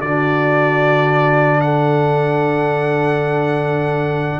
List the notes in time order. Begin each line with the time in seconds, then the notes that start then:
0.00 D3 D4 F#4 D5
1.61 A4 F#5